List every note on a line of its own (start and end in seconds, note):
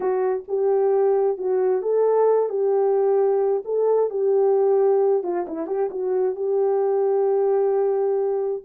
0.00 0.43 F#4
0.48 1.37 G4
1.37 1.82 F#4
1.82 2.49 A4
2.49 3.62 G4
3.64 4.10 A4
4.10 5.23 G4
5.23 5.45 F4
5.47 5.67 E4
5.67 5.89 G4
5.90 6.35 F#4
6.35 8.63 G4